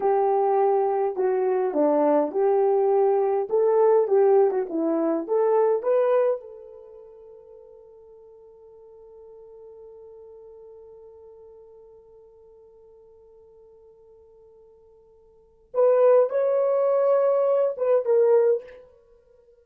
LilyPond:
\new Staff \with { instrumentName = "horn" } { \time 4/4 \tempo 4 = 103 g'2 fis'4 d'4 | g'2 a'4 g'8. fis'16 | e'4 a'4 b'4 a'4~ | a'1~ |
a'1~ | a'1~ | a'2. b'4 | cis''2~ cis''8 b'8 ais'4 | }